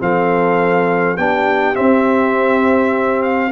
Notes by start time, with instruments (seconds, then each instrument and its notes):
0.00 tuba F3, trombone C4, horn A4, trumpet F5
1.17 tuba B3, trombone D4, horn G4, trumpet G5
1.74 trombone C4, tuba C4, trumpet E5
3.23 trumpet F5